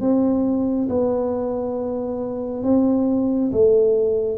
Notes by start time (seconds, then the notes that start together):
0.00 C4
0.89 B3
2.63 C4
3.52 A3